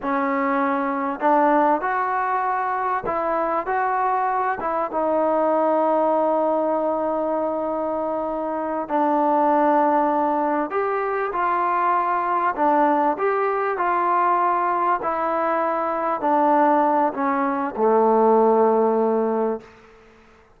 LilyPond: \new Staff \with { instrumentName = "trombone" } { \time 4/4 \tempo 4 = 98 cis'2 d'4 fis'4~ | fis'4 e'4 fis'4. e'8 | dis'1~ | dis'2~ dis'8 d'4.~ |
d'4. g'4 f'4.~ | f'8 d'4 g'4 f'4.~ | f'8 e'2 d'4. | cis'4 a2. | }